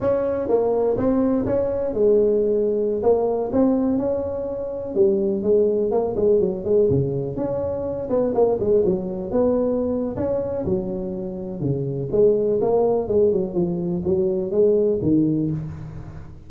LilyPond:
\new Staff \with { instrumentName = "tuba" } { \time 4/4 \tempo 4 = 124 cis'4 ais4 c'4 cis'4 | gis2~ gis16 ais4 c'8.~ | c'16 cis'2 g4 gis8.~ | gis16 ais8 gis8 fis8 gis8 cis4 cis'8.~ |
cis'8. b8 ais8 gis8 fis4 b8.~ | b4 cis'4 fis2 | cis4 gis4 ais4 gis8 fis8 | f4 fis4 gis4 dis4 | }